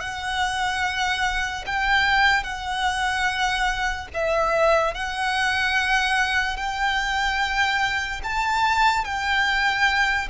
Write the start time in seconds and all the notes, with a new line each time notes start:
0.00 F#5
1.66 G5
2.43 F#5
4.14 E5
4.94 F#5
6.57 G5
8.23 A5
9.05 G5